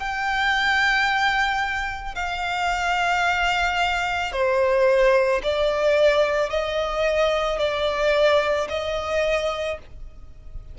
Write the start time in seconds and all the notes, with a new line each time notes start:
0.00 G5
2.15 F5
4.33 C5
5.43 D5
6.50 D#5
7.59 D5
8.70 D#5